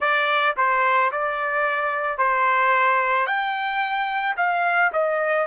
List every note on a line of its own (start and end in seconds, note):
0.00 0.55 D5
0.57 1.11 C5
1.12 2.18 D5
2.18 3.26 C5
3.26 4.35 G5
4.36 4.91 F5
4.92 5.46 D#5